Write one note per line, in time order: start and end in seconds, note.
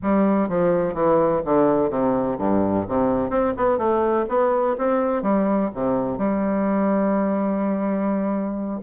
0.02 0.48 G3
0.48 0.94 F3
0.94 1.41 E3
1.45 1.90 D3
1.90 2.37 C3
2.38 2.86 G2
2.87 3.30 C3
3.30 3.53 C4
3.56 3.78 B3
3.78 4.25 A3
4.29 4.76 B3
4.78 5.22 C4
5.22 5.69 G3
5.74 6.18 C3
6.18 8.80 G3